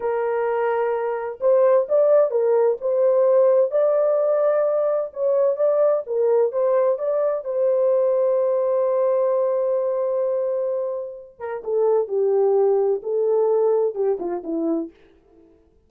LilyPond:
\new Staff \with { instrumentName = "horn" } { \time 4/4 \tempo 4 = 129 ais'2. c''4 | d''4 ais'4 c''2 | d''2. cis''4 | d''4 ais'4 c''4 d''4 |
c''1~ | c''1~ | c''8 ais'8 a'4 g'2 | a'2 g'8 f'8 e'4 | }